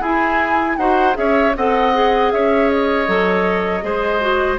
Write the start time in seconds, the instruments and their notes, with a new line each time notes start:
0.00 bassoon E4, clarinet E4, oboe G#4, flute G#5
0.76 bassoon D#4, clarinet F#4, oboe C5, flute F#5
1.13 bassoon C#4, clarinet G#4, oboe C#5, flute E5
1.56 bassoon C4, clarinet A4, oboe D#5, flute F#5
1.93 clarinet G#4
2.31 bassoon C#4, oboe C#5, flute E5
2.69 flute D#5
3.06 bassoon F#3, clarinet A4
3.81 bassoon G#3, clarinet G#4, oboe C5
4.21 clarinet F#4